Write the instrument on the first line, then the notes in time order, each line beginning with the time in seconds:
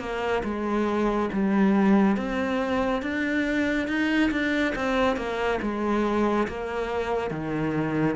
cello
0.00 A#3
0.44 G#3
1.33 G3
2.17 C4
3.03 D4
3.88 D#4
4.31 D4
4.76 C4
5.17 A#3
5.62 G#3
6.48 A#3
7.31 D#3